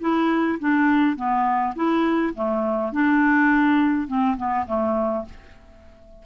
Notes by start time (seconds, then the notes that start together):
0.00 E4
0.59 D4
1.16 B3
1.75 E4
2.35 A3
2.92 D4
4.07 C4
4.37 B3
4.67 A3